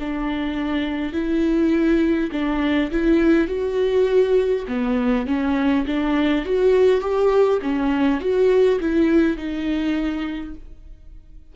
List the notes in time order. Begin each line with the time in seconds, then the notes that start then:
0.00 D4
1.13 E4
2.32 D4
2.91 E4
3.48 F#4
4.68 B3
5.27 C#4
5.87 D4
6.45 F#4
7.01 G4
7.63 C#4
8.21 F#4
8.81 E4
9.37 D#4